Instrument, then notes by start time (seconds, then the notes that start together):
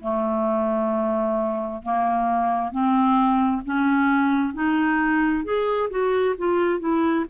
clarinet
0.00 A3
1.82 A#3
2.71 C4
3.64 C#4
4.53 D#4
5.44 G#4
5.90 F#4
6.38 F4
6.79 E4